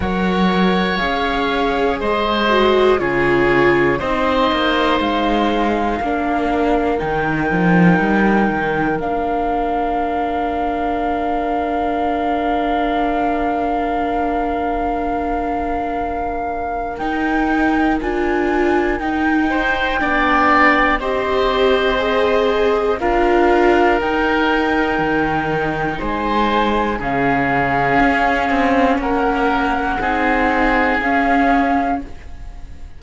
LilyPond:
<<
  \new Staff \with { instrumentName = "flute" } { \time 4/4 \tempo 4 = 60 fis''4 f''4 dis''4 cis''4 | dis''4 f''2 g''4~ | g''4 f''2.~ | f''1~ |
f''4 g''4 gis''4 g''4~ | g''4 dis''2 f''4 | g''2 gis''4 f''4~ | f''4 fis''2 f''4 | }
  \new Staff \with { instrumentName = "oboe" } { \time 4/4 cis''2 c''4 gis'4 | c''2 ais'2~ | ais'1~ | ais'1~ |
ais'2.~ ais'8 c''8 | d''4 c''2 ais'4~ | ais'2 c''4 gis'4~ | gis'4 ais'4 gis'2 | }
  \new Staff \with { instrumentName = "viola" } { \time 4/4 ais'4 gis'4. fis'8 f'4 | dis'2 d'4 dis'4~ | dis'4 d'2.~ | d'1~ |
d'4 dis'4 f'4 dis'4 | d'4 g'4 gis'4 f'4 | dis'2. cis'4~ | cis'2 dis'4 cis'4 | }
  \new Staff \with { instrumentName = "cello" } { \time 4/4 fis4 cis'4 gis4 cis4 | c'8 ais8 gis4 ais4 dis8 f8 | g8 dis8 ais2.~ | ais1~ |
ais4 dis'4 d'4 dis'4 | b4 c'2 d'4 | dis'4 dis4 gis4 cis4 | cis'8 c'8 ais4 c'4 cis'4 | }
>>